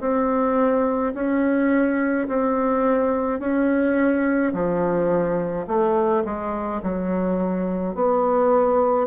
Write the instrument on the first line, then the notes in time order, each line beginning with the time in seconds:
bassoon
0.00 C4
1.14 C#4
2.27 C4
3.39 C#4
4.53 F3
5.67 A3
6.24 G#3
6.82 F#3
7.95 B3